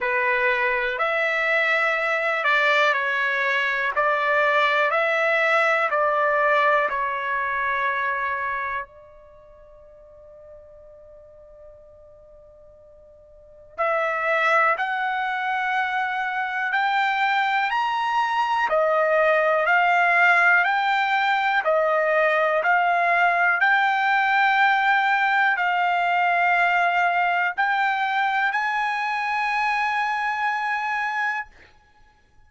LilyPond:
\new Staff \with { instrumentName = "trumpet" } { \time 4/4 \tempo 4 = 61 b'4 e''4. d''8 cis''4 | d''4 e''4 d''4 cis''4~ | cis''4 d''2.~ | d''2 e''4 fis''4~ |
fis''4 g''4 ais''4 dis''4 | f''4 g''4 dis''4 f''4 | g''2 f''2 | g''4 gis''2. | }